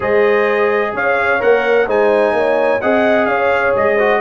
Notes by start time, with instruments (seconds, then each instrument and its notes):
0.00 tuba G#3, trombone G#4, horn C5, trumpet D#5
0.93 tuba C#4, horn C#5, trumpet F5
1.39 tuba A#3, trombone A#4, trumpet F#5
1.86 tuba G#3, trombone D#4, horn C5, trumpet G#5
2.32 tuba A#3, horn C#5
2.81 tuba C4, trombone G#4, horn D#5, trumpet F#5
3.25 tuba C#4, horn C#5, trumpet F5
3.76 tuba G#3, trumpet D#5
3.95 trombone F#4, horn C5